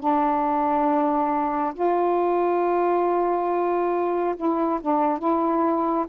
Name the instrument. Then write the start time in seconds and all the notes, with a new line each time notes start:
saxophone
0.00 D4
1.74 F4
4.36 E4
4.81 D4
5.19 E4